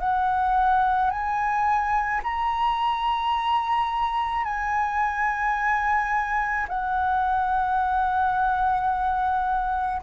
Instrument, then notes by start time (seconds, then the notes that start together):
flute
0.00 F#5
1.11 G#5
2.23 A#5
4.45 G#5
6.69 F#5